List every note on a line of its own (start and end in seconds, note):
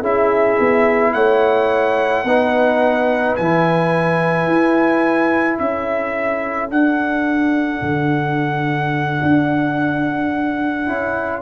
0.00 0.57 C#4
0.00 2.25 E4
0.00 1.11 G#4
0.00 1.13 E5
0.59 1.14 B3
1.13 2.24 A3
1.13 2.25 C#5
1.13 3.35 F#5
2.24 3.35 B3
2.24 3.38 D#4
2.24 5.59 B4
3.36 4.47 E3
3.36 6.70 E4
3.36 5.58 G#5
4.47 5.58 E4
5.58 6.70 C#4
5.58 11.41 A4
5.58 6.69 E5
6.70 7.81 D4
6.70 10.86 D4
6.70 11.41 F#5
7.82 9.21 D3
9.22 10.88 D4
10.86 11.41 C#4
10.86 11.41 E4